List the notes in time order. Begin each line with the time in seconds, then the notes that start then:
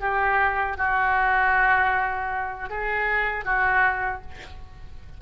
0.00 G4
0.77 F#4
2.69 G#4
3.44 F#4